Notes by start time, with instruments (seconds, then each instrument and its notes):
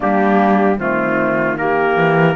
0.00 cello G3, clarinet A#3, horn D4, trumpet G4
0.77 cello D#3, clarinet A3, horn C4, trumpet F4
1.57 clarinet A#3, horn G4, trumpet A#4
1.96 cello E3